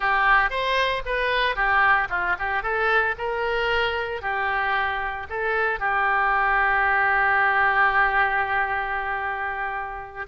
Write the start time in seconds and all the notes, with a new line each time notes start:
0.00 G4
0.50 C5
1.05 B4
1.55 G4
2.09 F4
2.38 G4
2.62 A4
3.17 A#4
4.21 G4
5.29 A4
5.79 G4